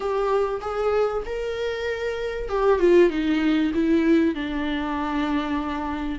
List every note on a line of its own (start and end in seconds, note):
0.00 0.60 G4
0.61 1.23 G#4
1.25 2.49 A#4
2.49 2.79 G4
2.79 3.10 F4
3.10 3.72 D#4
3.73 4.35 E4
4.35 6.19 D4